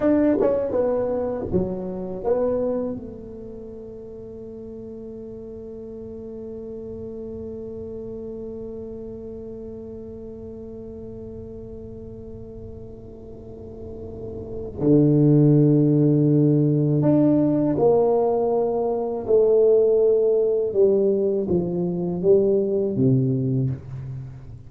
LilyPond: \new Staff \with { instrumentName = "tuba" } { \time 4/4 \tempo 4 = 81 d'8 cis'8 b4 fis4 b4 | a1~ | a1~ | a1~ |
a1 | d2. d'4 | ais2 a2 | g4 f4 g4 c4 | }